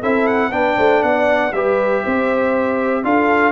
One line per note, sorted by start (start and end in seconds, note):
0.00 0.51 C4
0.00 0.51 E4
0.00 0.50 A4
0.00 0.26 E5
0.26 0.52 F#5
0.51 0.76 B3
0.51 1.51 D4
0.51 0.76 B4
0.51 1.02 G5
0.76 1.02 A3
0.76 1.02 C5
1.02 1.53 B3
1.02 1.53 D5
1.02 1.53 F#5
1.53 2.03 G3
1.53 3.03 G4
1.53 2.02 B4
1.53 3.04 E5
2.02 3.03 C4
2.02 3.03 C5
3.03 3.52 D4
3.03 3.52 F4
3.03 3.52 A4
3.03 3.52 F5